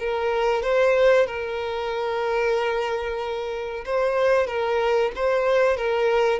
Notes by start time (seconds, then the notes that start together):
0.00 A#4
0.63 C5
1.27 A#4
3.86 C5
4.48 A#4
5.16 C5
5.77 A#4